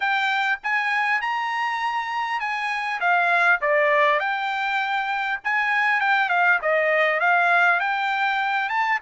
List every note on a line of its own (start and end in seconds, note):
0.00 0.59 G5
0.63 1.21 G#5
1.21 2.40 A#5
2.40 3.00 G#5
3.00 3.60 F5
3.61 4.19 D5
4.19 5.39 G5
5.44 6.00 G#5
6.00 6.29 G5
6.29 6.59 F5
6.62 7.20 D#5
7.20 7.80 F5
7.80 8.69 G5
8.69 8.99 A5